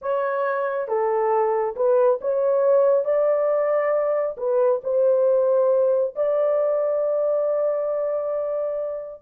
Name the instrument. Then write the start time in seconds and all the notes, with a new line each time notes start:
horn
0.01 C#5
0.87 A4
1.76 B4
2.21 C#5
3.04 D5
4.37 B4
4.83 C5
6.15 D5